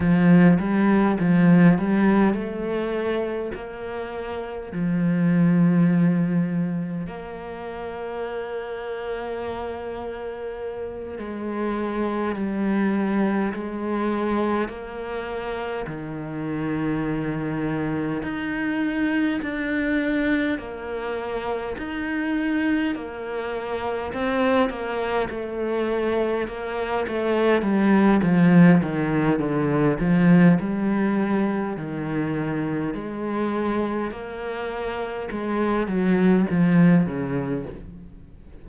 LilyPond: \new Staff \with { instrumentName = "cello" } { \time 4/4 \tempo 4 = 51 f8 g8 f8 g8 a4 ais4 | f2 ais2~ | ais4. gis4 g4 gis8~ | gis8 ais4 dis2 dis'8~ |
dis'8 d'4 ais4 dis'4 ais8~ | ais8 c'8 ais8 a4 ais8 a8 g8 | f8 dis8 d8 f8 g4 dis4 | gis4 ais4 gis8 fis8 f8 cis8 | }